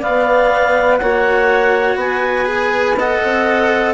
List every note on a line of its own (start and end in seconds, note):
0.00 1.00 B3
0.00 0.98 D5
0.00 0.97 F5
0.97 1.95 A#3
0.97 2.45 F#4
0.97 1.98 C#5
0.97 1.95 F#5
1.95 3.18 B3
1.95 2.98 B4
1.95 2.98 G#5
2.45 2.94 G#4
2.98 3.93 A4
2.98 3.93 D#5
2.98 3.93 F#5
3.23 3.93 C4